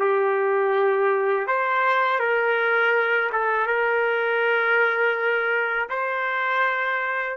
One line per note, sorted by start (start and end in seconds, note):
0.00 1.47 G4
1.47 2.20 C5
2.20 3.31 A#4
3.33 3.67 A4
3.67 5.89 A#4
5.90 7.38 C5